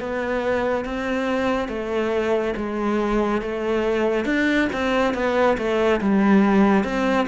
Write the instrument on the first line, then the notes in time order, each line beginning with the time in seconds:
cello
0.00 B3
0.85 C4
1.69 A3
2.56 G#3
3.42 A3
4.25 D4
4.73 C4
5.14 B3
5.58 A3
6.01 G3
6.84 C4